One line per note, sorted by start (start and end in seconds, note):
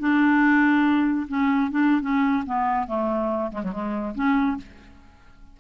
0.00 1.28 D4
1.29 1.71 C#4
1.71 2.02 D4
2.02 2.44 C#4
2.46 2.88 B3
2.88 3.52 A3
3.52 3.63 G#3
3.64 3.72 F#3
3.72 4.15 G#3
4.15 4.58 C#4